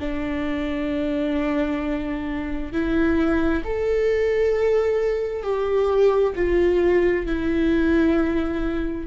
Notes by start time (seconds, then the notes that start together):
0.00 D4
2.72 E4
3.64 A4
5.43 G4
6.36 F4
7.26 E4